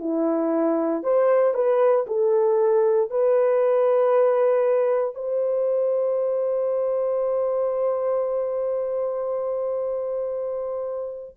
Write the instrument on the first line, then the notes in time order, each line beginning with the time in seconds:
horn
0.00 E4
1.03 C5
1.54 B4
2.07 A4
3.10 B4
5.15 C5